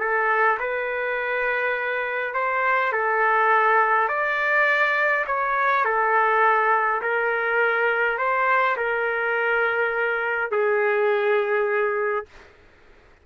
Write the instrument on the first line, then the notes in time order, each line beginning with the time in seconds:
trumpet
0.00 A4
0.60 B4
2.35 C5
2.93 A4
4.09 D5
5.27 C#5
5.85 A4
7.02 A#4
8.19 C5
8.77 A#4
10.51 G#4